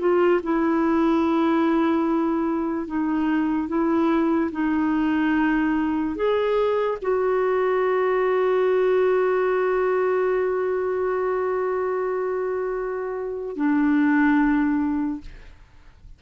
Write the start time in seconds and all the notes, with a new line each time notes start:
0.00 F4
0.44 E4
2.88 D#4
3.69 E4
4.52 D#4
6.16 G#4
7.02 F#4
13.57 D4